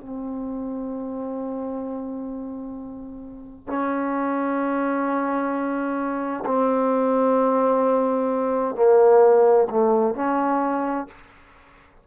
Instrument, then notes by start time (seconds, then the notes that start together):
trombone
0.00 C4
3.67 C#4
6.45 C4
8.75 A#3
9.70 A3
10.15 C#4